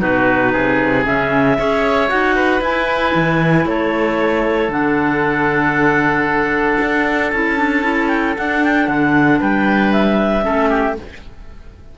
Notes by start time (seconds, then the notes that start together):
0.00 B2 D#4 F#4 B4
0.53 C3 G#4
1.05 C#3 C#4 E5
1.58 C#4 G#4 C#5
2.08 D#4 F#4 F#5
2.36 B4
2.61 E4 G#5
3.15 E3
3.66 A3 A4 C#5
4.69 D3 D4 F#5
6.81 D4
7.31 C#4 E4 A5
7.57 D4
7.83 E4
8.08 G5
8.37 D4 F#5
8.64 G5
8.87 D3 F#5
9.40 G3 B4 G5
9.92 E5
10.42 A3 C#4 A4
10.70 G4